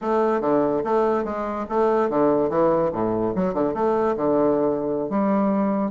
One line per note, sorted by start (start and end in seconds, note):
0.01 0.41 A3
0.41 0.82 D3
0.84 1.24 A3
1.24 1.66 G#3
1.69 2.09 A3
2.09 2.49 D3
2.49 2.91 E3
2.92 3.34 A2
3.35 3.54 F#3
3.54 3.74 D3
3.74 4.15 A3
4.16 5.09 D3
5.09 5.91 G3